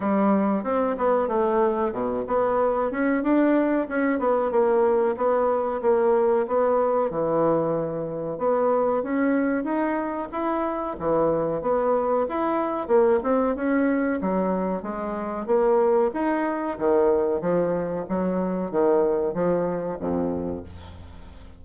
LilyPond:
\new Staff \with { instrumentName = "bassoon" } { \time 4/4 \tempo 4 = 93 g4 c'8 b8 a4 b,8 b8~ | b8 cis'8 d'4 cis'8 b8 ais4 | b4 ais4 b4 e4~ | e4 b4 cis'4 dis'4 |
e'4 e4 b4 e'4 | ais8 c'8 cis'4 fis4 gis4 | ais4 dis'4 dis4 f4 | fis4 dis4 f4 f,4 | }